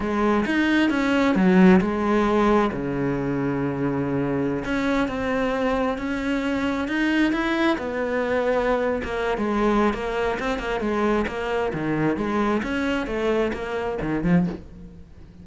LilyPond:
\new Staff \with { instrumentName = "cello" } { \time 4/4 \tempo 4 = 133 gis4 dis'4 cis'4 fis4 | gis2 cis2~ | cis2~ cis16 cis'4 c'8.~ | c'4~ c'16 cis'2 dis'8.~ |
dis'16 e'4 b2~ b8. | ais8. gis4~ gis16 ais4 c'8 ais8 | gis4 ais4 dis4 gis4 | cis'4 a4 ais4 dis8 f8 | }